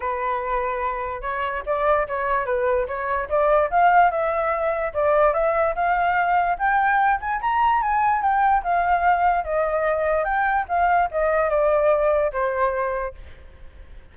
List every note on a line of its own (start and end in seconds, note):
0.00 1.21 B4
1.21 1.62 C#5
1.66 2.07 D5
2.07 2.45 C#5
2.45 2.86 B4
2.87 3.28 C#5
3.29 3.70 D5
3.70 4.10 F5
4.10 4.93 E5
4.93 5.33 D5
5.33 5.74 E5
5.75 6.57 F5
6.58 7.20 G5
7.20 7.40 G#5
7.41 7.82 A#5
7.82 8.22 G#5
8.22 8.63 G5
8.63 9.44 F5
9.44 10.24 D#5
10.24 10.65 G5
10.68 11.09 F5
11.11 11.49 D#5
11.49 12.31 D5
12.32 13.14 C5